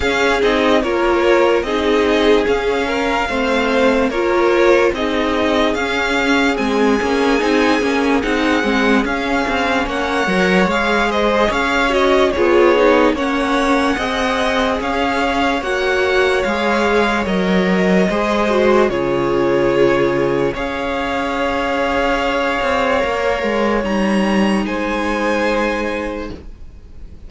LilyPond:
<<
  \new Staff \with { instrumentName = "violin" } { \time 4/4 \tempo 4 = 73 f''8 dis''8 cis''4 dis''4 f''4~ | f''4 cis''4 dis''4 f''4 | gis''2 fis''4 f''4 | fis''4 f''8 dis''8 f''8 dis''8 cis''4 |
fis''2 f''4 fis''4 | f''4 dis''2 cis''4~ | cis''4 f''2.~ | f''4 ais''4 gis''2 | }
  \new Staff \with { instrumentName = "violin" } { \time 4/4 gis'4 ais'4 gis'4. ais'8 | c''4 ais'4 gis'2~ | gis'1 | cis''4. c''8 cis''4 gis'4 |
cis''4 dis''4 cis''2~ | cis''2 c''4 gis'4~ | gis'4 cis''2.~ | cis''2 c''2 | }
  \new Staff \with { instrumentName = "viola" } { \time 4/4 cis'8 dis'8 f'4 dis'4 cis'4 | c'4 f'4 dis'4 cis'4 | c'8 cis'8 dis'8 cis'8 dis'8 c'8 cis'4~ | cis'8 ais'8 gis'4. fis'8 f'8 dis'8 |
cis'4 gis'2 fis'4 | gis'4 ais'4 gis'8 fis'8 f'4~ | f'4 gis'2. | ais'4 dis'2. | }
  \new Staff \with { instrumentName = "cello" } { \time 4/4 cis'8 c'8 ais4 c'4 cis'4 | a4 ais4 c'4 cis'4 | gis8 ais8 c'8 ais8 c'8 gis8 cis'8 c'8 | ais8 fis8 gis4 cis'4 b4 |
ais4 c'4 cis'4 ais4 | gis4 fis4 gis4 cis4~ | cis4 cis'2~ cis'8 c'8 | ais8 gis8 g4 gis2 | }
>>